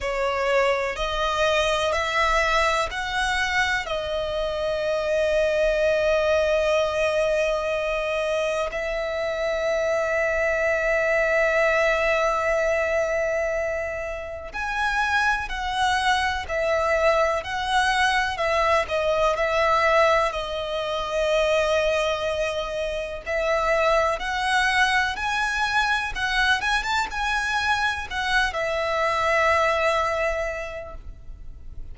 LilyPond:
\new Staff \with { instrumentName = "violin" } { \time 4/4 \tempo 4 = 62 cis''4 dis''4 e''4 fis''4 | dis''1~ | dis''4 e''2.~ | e''2. gis''4 |
fis''4 e''4 fis''4 e''8 dis''8 | e''4 dis''2. | e''4 fis''4 gis''4 fis''8 gis''16 a''16 | gis''4 fis''8 e''2~ e''8 | }